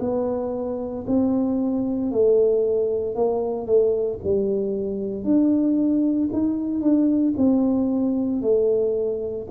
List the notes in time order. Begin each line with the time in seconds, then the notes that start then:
0.00 B3
1.07 C4
2.12 A3
3.15 A#3
3.67 A3
4.24 G3
5.24 D4
6.33 D#4
6.81 D4
7.37 C4
8.42 A3